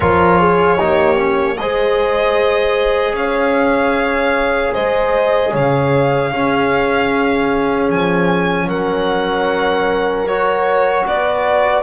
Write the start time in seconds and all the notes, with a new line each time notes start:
0.00 F3 F4 A#4 C#5
0.39 G#4
0.77 A#3 D#4 G4
1.16 C#4
1.57 G#3 G#4 C5 D#5
3.12 C#4 C#5 F5
4.73 G#3 C5 D#5
5.50 C#3 C#5 F5
6.31 C#4 G#4
7.89 F3 G#5
8.66 F#3 A#4 F#5
10.27 F#4 C#5
11.06 B3 B4 D5